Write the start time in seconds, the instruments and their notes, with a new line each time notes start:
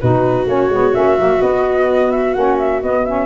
0.00 tuba B2, saxophone D#4, viola F#4, flute B4
0.46 tuba A#3, saxophone C#4, flute C#5
0.69 tuba G#3, saxophone B3
0.94 tuba A#3, saxophone C#4, flute E5
1.18 tuba F#3, saxophone A#3
1.40 saxophone B3, tuba B3, flute D#5
2.11 flute E5
2.34 tuba A#3, saxophone C#4, flute F#5
2.59 flute E5
2.83 tuba B3, saxophone B3, flute D#5
3.05 saxophone C#4, flute E5